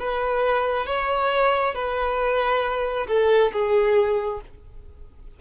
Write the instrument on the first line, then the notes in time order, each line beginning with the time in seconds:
violin
0.00 B4
0.86 C#5
1.75 B4
3.08 A4
3.53 G#4